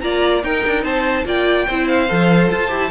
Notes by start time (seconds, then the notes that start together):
0.00 A#3 F4 D5 A#5
0.42 D#4 A#4 G5
0.66 D4
0.83 C4 C5 A5
1.24 A#3 F4 D5 G5
1.66 C4 E4 C5
1.87 F5
2.08 F3 A4
2.50 F4 A5
2.68 E4 G4